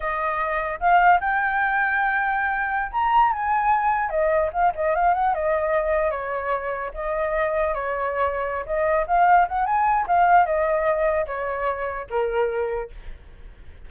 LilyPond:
\new Staff \with { instrumentName = "flute" } { \time 4/4 \tempo 4 = 149 dis''2 f''4 g''4~ | g''2.~ g''16 ais''8.~ | ais''16 gis''2 dis''4 f''8 dis''16~ | dis''16 f''8 fis''8 dis''2 cis''8.~ |
cis''4~ cis''16 dis''2 cis''8.~ | cis''4. dis''4 f''4 fis''8 | gis''4 f''4 dis''2 | cis''2 ais'2 | }